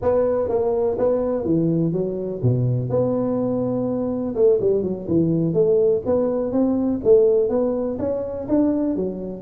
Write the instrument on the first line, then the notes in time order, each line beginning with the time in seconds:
tuba
0.01 B3
0.48 A#3
0.98 B3
1.45 E3
1.92 F#3
2.42 B2
2.89 B3
4.35 A3
4.60 G3
4.82 F#3
5.07 E3
5.53 A3
6.05 B3
6.52 C4
7.03 A3
7.49 B3
7.99 C#4
8.48 D4
8.96 F#3